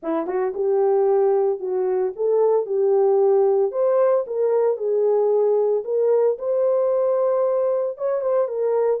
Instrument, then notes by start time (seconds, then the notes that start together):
horn
0.02 E4
0.26 F#4
0.54 G4
1.59 F#4
2.16 A4
2.65 G4
3.71 C5
4.26 A#4
4.77 G#4
5.84 A#4
6.38 C5
7.97 C#5
8.21 C5
8.48 A#4